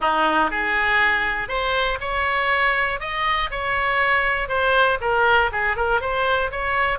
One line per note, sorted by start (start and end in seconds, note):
0.00 0.50 D#4
0.50 1.48 G#4
1.48 1.98 C5
2.00 3.00 C#5
3.00 3.50 D#5
3.50 4.48 C#5
4.48 4.98 C5
5.00 5.50 A#4
5.52 5.76 G#4
5.76 6.00 A#4
6.00 6.50 C5
6.51 6.98 C#5